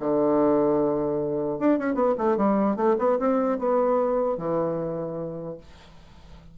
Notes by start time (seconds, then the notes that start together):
0.00 D3
1.59 D4
1.79 C#4
1.95 B3
2.18 A3
2.37 G3
2.76 A3
2.99 B3
3.19 C4
3.59 B3
4.37 E3